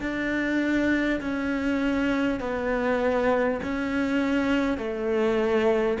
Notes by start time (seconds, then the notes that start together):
0.00 D4
1.20 C#4
2.40 B3
3.62 C#4
4.77 A3